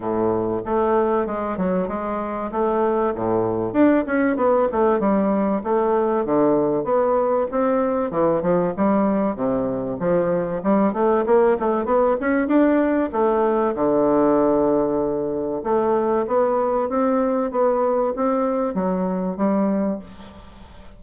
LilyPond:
\new Staff \with { instrumentName = "bassoon" } { \time 4/4 \tempo 4 = 96 a,4 a4 gis8 fis8 gis4 | a4 a,4 d'8 cis'8 b8 a8 | g4 a4 d4 b4 | c'4 e8 f8 g4 c4 |
f4 g8 a8 ais8 a8 b8 cis'8 | d'4 a4 d2~ | d4 a4 b4 c'4 | b4 c'4 fis4 g4 | }